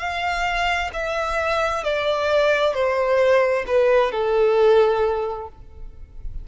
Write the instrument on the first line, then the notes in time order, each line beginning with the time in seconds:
violin
0.00 F5
0.93 E5
1.84 D5
2.74 C5
3.67 B4
4.12 A4